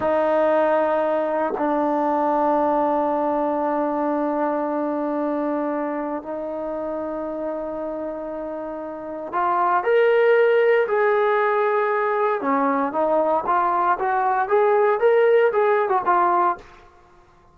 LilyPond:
\new Staff \with { instrumentName = "trombone" } { \time 4/4 \tempo 4 = 116 dis'2. d'4~ | d'1~ | d'1 | dis'1~ |
dis'2 f'4 ais'4~ | ais'4 gis'2. | cis'4 dis'4 f'4 fis'4 | gis'4 ais'4 gis'8. fis'16 f'4 | }